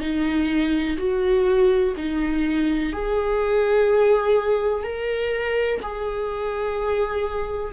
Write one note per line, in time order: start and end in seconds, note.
0.00 0.97 D#4
0.98 1.94 F#4
1.97 2.93 D#4
2.93 4.83 G#4
4.83 5.80 A#4
5.82 7.72 G#4